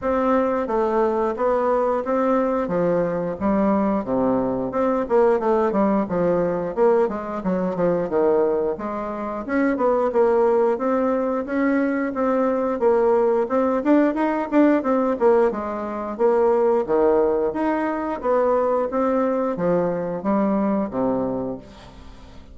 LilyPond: \new Staff \with { instrumentName = "bassoon" } { \time 4/4 \tempo 4 = 89 c'4 a4 b4 c'4 | f4 g4 c4 c'8 ais8 | a8 g8 f4 ais8 gis8 fis8 f8 | dis4 gis4 cis'8 b8 ais4 |
c'4 cis'4 c'4 ais4 | c'8 d'8 dis'8 d'8 c'8 ais8 gis4 | ais4 dis4 dis'4 b4 | c'4 f4 g4 c4 | }